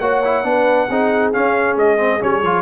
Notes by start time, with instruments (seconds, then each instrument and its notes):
0.00 tuba A#3, trombone F#4, horn C#5, trumpet F#5
0.25 trombone E4
0.44 tuba B3, trombone D4, horn B4
0.89 tuba C4, trombone D#4, horn G#4
1.33 trombone C#4, tuba C#4, trumpet F5
1.76 tuba G#3, trumpet D#5
1.97 trombone C4
2.20 tuba G3, trombone C#4, trumpet C#5
2.42 tuba F3, trombone F4